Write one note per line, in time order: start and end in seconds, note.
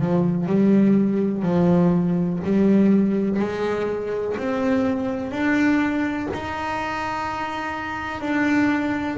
0.00 0.47 F3
0.47 1.43 G3
1.43 2.40 F3
2.45 3.40 G3
3.40 4.36 G#3
4.38 5.31 C4
5.31 6.28 D4
6.34 8.21 D#4
8.21 9.18 D4